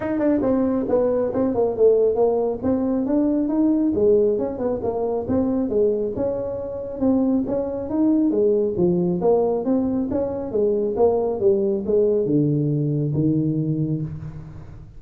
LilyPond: \new Staff \with { instrumentName = "tuba" } { \time 4/4 \tempo 4 = 137 dis'8 d'8 c'4 b4 c'8 ais8 | a4 ais4 c'4 d'4 | dis'4 gis4 cis'8 b8 ais4 | c'4 gis4 cis'2 |
c'4 cis'4 dis'4 gis4 | f4 ais4 c'4 cis'4 | gis4 ais4 g4 gis4 | d2 dis2 | }